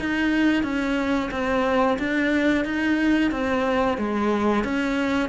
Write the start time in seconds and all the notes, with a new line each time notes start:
0.00 D#4
0.63 C#4
1.32 C4
1.99 D4
2.65 D#4
3.32 C4
3.98 G#3
4.64 C#4